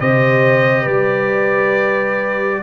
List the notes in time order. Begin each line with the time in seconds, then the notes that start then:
0.00 C3 G4 C5 D#5
0.83 G3 B4 D5